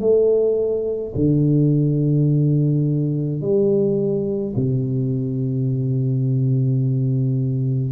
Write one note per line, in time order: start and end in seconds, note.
0.00 1.13 A3
1.15 3.42 D3
3.42 4.55 G3
4.56 7.92 C3